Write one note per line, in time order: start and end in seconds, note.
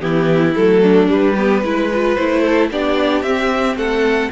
0.00 0.55 E3
0.00 0.54 B3
0.00 0.82 E4
0.00 0.54 G4
0.55 1.10 F#3
0.55 1.08 A3
0.55 1.08 A4
0.82 1.34 D4
1.08 1.35 G3
1.08 1.63 G3
1.08 2.15 B4
1.34 1.64 B3
1.34 1.61 G4
1.63 2.17 G#3
1.63 1.91 E4
1.63 2.42 B4
1.93 2.19 F4
2.15 2.71 A3
2.15 2.71 E4
2.15 2.68 C5
2.42 2.68 A4
2.71 3.23 B3
2.71 3.24 D4
2.71 3.77 G4
2.71 3.23 D5
3.23 3.76 C4
3.23 4.31 C4
3.23 3.76 E5
3.76 4.29 A3
3.76 4.31 A4
3.76 4.31 F#5